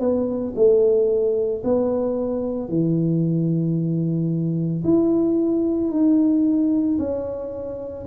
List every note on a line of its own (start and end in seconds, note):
0.00 0.54 B3
0.56 1.63 A3
1.64 2.69 B3
2.69 4.83 E3
4.84 5.91 E4
5.91 6.98 D#4
6.98 8.06 C#4